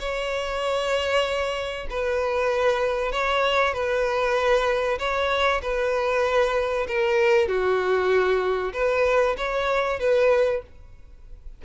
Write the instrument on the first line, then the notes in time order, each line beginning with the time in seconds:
violin
0.00 C#5
1.90 B4
3.12 C#5
3.74 B4
4.99 C#5
5.62 B4
6.88 A#4
7.48 F#4
8.73 B4
9.38 C#5
10.00 B4